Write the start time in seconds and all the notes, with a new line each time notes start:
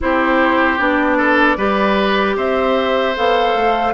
0.00 C4 E4 G4 C5
0.78 B3 D4 D5
1.17 A4
1.57 G3 G4 B4
2.36 C4 C5 E5
3.15 B3 A4 F5
3.54 A3